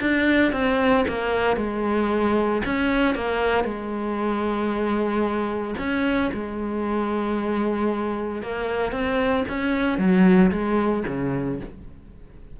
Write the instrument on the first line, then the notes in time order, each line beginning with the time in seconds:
cello
0.00 D4
0.52 C4
1.08 A#3
1.56 G#3
2.65 C#4
3.14 A#3
3.64 G#3
5.78 C#4
6.33 G#3
8.42 A#3
8.91 C4
9.48 C#4
9.98 F#3
10.51 G#3
11.07 C#3